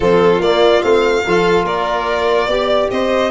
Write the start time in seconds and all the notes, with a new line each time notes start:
0.00 F3 C4 F4 A4
0.39 A#3 D5
0.81 A3 C4 F5
1.25 F3 F4 A4
1.64 A#3 A#4 D5
2.47 B3 G4 D5
2.90 C4 C5 D#5